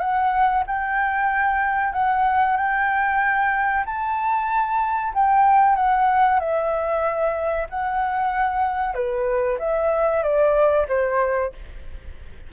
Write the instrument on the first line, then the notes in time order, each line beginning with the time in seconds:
flute
0.00 F#5
0.67 G5
1.93 F#5
2.57 G5
3.86 A5
5.14 G5
5.76 F#5
6.39 E5
7.69 F#5
8.94 B4
9.59 E5
10.23 D5
10.89 C5